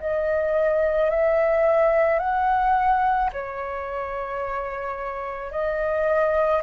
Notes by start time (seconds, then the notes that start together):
0.00 D#5
1.11 E5
2.20 F#5
3.33 C#5
5.52 D#5